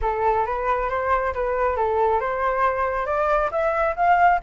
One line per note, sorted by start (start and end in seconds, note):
0.01 0.46 A4
0.46 0.89 B4
0.89 1.33 C5
1.34 1.76 B4
1.76 2.20 A4
2.20 3.06 C5
3.06 3.50 D5
3.51 3.95 E5
3.95 4.40 F5